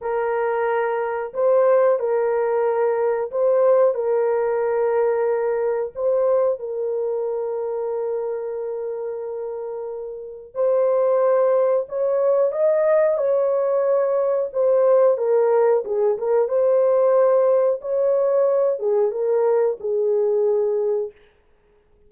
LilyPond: \new Staff \with { instrumentName = "horn" } { \time 4/4 \tempo 4 = 91 ais'2 c''4 ais'4~ | ais'4 c''4 ais'2~ | ais'4 c''4 ais'2~ | ais'1 |
c''2 cis''4 dis''4 | cis''2 c''4 ais'4 | gis'8 ais'8 c''2 cis''4~ | cis''8 gis'8 ais'4 gis'2 | }